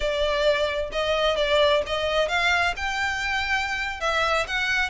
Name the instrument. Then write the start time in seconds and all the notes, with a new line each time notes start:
violin
0.00 D5
0.92 D#5
1.36 D5
1.86 D#5
2.28 F5
2.76 G5
4.00 E5
4.47 F#5